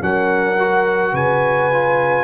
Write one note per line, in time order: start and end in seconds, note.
0.00 1.13 F#3
0.00 0.57 C#4
0.00 1.13 A#4
0.00 1.16 F#5
0.59 1.72 F#4
1.13 2.24 C#3
1.13 2.24 B4
1.13 2.24 G#5
1.72 2.24 F4